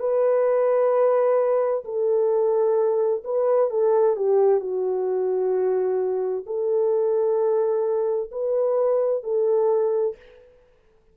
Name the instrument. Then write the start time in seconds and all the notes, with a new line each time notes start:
horn
0.00 B4
1.85 A4
3.24 B4
3.70 A4
4.17 G4
4.60 F#4
6.46 A4
8.32 B4
9.23 A4